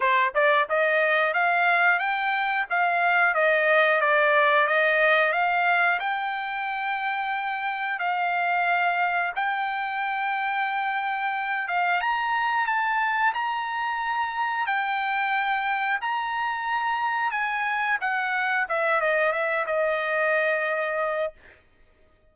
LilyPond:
\new Staff \with { instrumentName = "trumpet" } { \time 4/4 \tempo 4 = 90 c''8 d''8 dis''4 f''4 g''4 | f''4 dis''4 d''4 dis''4 | f''4 g''2. | f''2 g''2~ |
g''4. f''8 ais''4 a''4 | ais''2 g''2 | ais''2 gis''4 fis''4 | e''8 dis''8 e''8 dis''2~ dis''8 | }